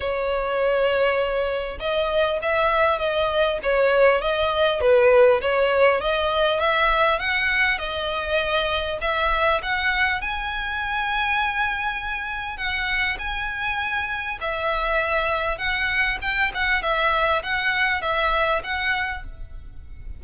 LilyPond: \new Staff \with { instrumentName = "violin" } { \time 4/4 \tempo 4 = 100 cis''2. dis''4 | e''4 dis''4 cis''4 dis''4 | b'4 cis''4 dis''4 e''4 | fis''4 dis''2 e''4 |
fis''4 gis''2.~ | gis''4 fis''4 gis''2 | e''2 fis''4 g''8 fis''8 | e''4 fis''4 e''4 fis''4 | }